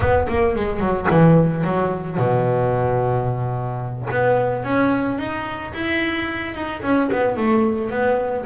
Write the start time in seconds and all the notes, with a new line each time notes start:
0.00 B3
0.28 A#3
0.55 G#3
0.80 F#3
1.09 E3
1.64 F#3
2.17 B2
4.10 B3
4.64 C#4
5.18 D#4
5.73 E4
6.54 D#4
6.82 C#4
7.12 B3
7.36 A3
7.90 B3